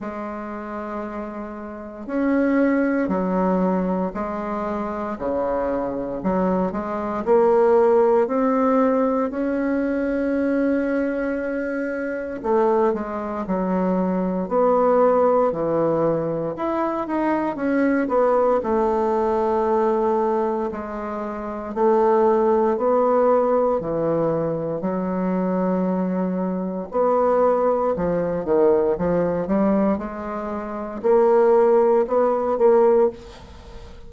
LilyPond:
\new Staff \with { instrumentName = "bassoon" } { \time 4/4 \tempo 4 = 58 gis2 cis'4 fis4 | gis4 cis4 fis8 gis8 ais4 | c'4 cis'2. | a8 gis8 fis4 b4 e4 |
e'8 dis'8 cis'8 b8 a2 | gis4 a4 b4 e4 | fis2 b4 f8 dis8 | f8 g8 gis4 ais4 b8 ais8 | }